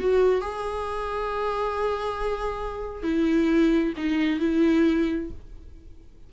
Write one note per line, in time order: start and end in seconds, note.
0.00 0.42 F#4
0.42 3.03 G#4
3.03 3.94 E4
3.97 4.40 D#4
4.40 5.31 E4